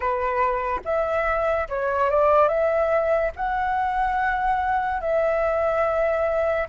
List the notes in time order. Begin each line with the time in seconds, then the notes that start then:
0.00 B4
0.84 E5
1.68 C#5
2.10 D5
2.48 E5
3.36 F#5
5.00 E5